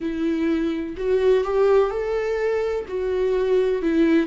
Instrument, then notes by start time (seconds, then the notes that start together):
viola
0.00 E4
0.97 F#4
1.44 G4
1.90 A4
2.87 F#4
3.82 E4